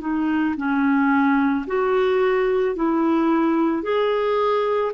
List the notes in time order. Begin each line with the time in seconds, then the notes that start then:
0.00 D#4
0.57 C#4
1.66 F#4
2.75 E4
3.82 G#4